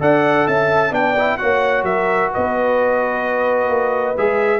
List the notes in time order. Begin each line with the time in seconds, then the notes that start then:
0.00 D4 A4 D5 F#5
0.47 C#4 E5 A5
0.91 B3 D4 D5 G5
1.18 E4
1.37 A#3 F#4 C#5 F#5
1.83 F#3 A#4 E5
2.31 B4 D#5
2.37 B3
3.69 A#3
4.17 G#3 G#4 E5